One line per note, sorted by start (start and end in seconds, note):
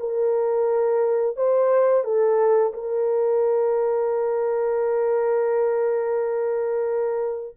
0.00 1.37 A#4
1.37 2.04 C5
2.04 2.73 A4
2.74 7.57 A#4